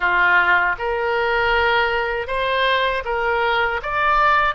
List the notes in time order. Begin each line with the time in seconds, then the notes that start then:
0.00 F4
0.78 A#4
2.27 C5
3.04 A#4
3.82 D5